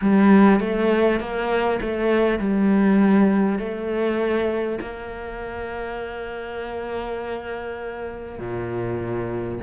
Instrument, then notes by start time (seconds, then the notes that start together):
cello
0.01 G3
0.59 A3
1.19 A#3
1.81 A3
2.38 G3
3.58 A3
4.81 A#3
8.38 A#2